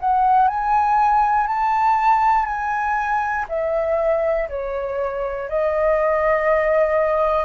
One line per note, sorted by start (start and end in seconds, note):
0.00 0.47 F#5
0.47 1.47 G#5
1.47 2.45 A5
2.45 3.45 G#5
3.48 4.48 E5
4.49 5.49 C#5
5.49 7.45 D#5